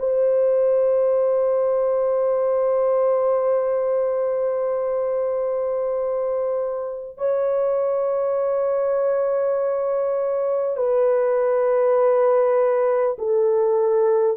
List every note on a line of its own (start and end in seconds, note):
0.00 7.18 C5
7.18 10.77 C#5
10.77 13.17 B4
13.19 14.38 A4